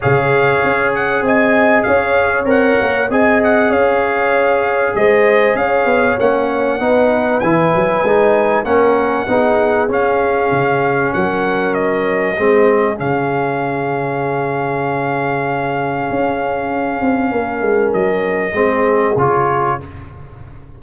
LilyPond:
<<
  \new Staff \with { instrumentName = "trumpet" } { \time 4/4 \tempo 4 = 97 f''4. fis''8 gis''4 f''4 | fis''4 gis''8 fis''8 f''2 | dis''4 f''4 fis''2 | gis''2 fis''2 |
f''2 fis''4 dis''4~ | dis''4 f''2.~ | f''1~ | f''4 dis''2 cis''4 | }
  \new Staff \with { instrumentName = "horn" } { \time 4/4 cis''2 dis''4 cis''4~ | cis''4 dis''4 cis''2 | c''4 cis''2 b'4~ | b'2 ais'4 gis'4~ |
gis'2 ais'2 | gis'1~ | gis'1 | ais'2 gis'2 | }
  \new Staff \with { instrumentName = "trombone" } { \time 4/4 gis'1 | ais'4 gis'2.~ | gis'2 cis'4 dis'4 | e'4 dis'4 cis'4 dis'4 |
cis'1 | c'4 cis'2.~ | cis'1~ | cis'2 c'4 f'4 | }
  \new Staff \with { instrumentName = "tuba" } { \time 4/4 cis4 cis'4 c'4 cis'4 | c'8 ais8 c'4 cis'2 | gis4 cis'8 b8 ais4 b4 | e8 fis8 gis4 ais4 b4 |
cis'4 cis4 fis2 | gis4 cis2.~ | cis2 cis'4. c'8 | ais8 gis8 fis4 gis4 cis4 | }
>>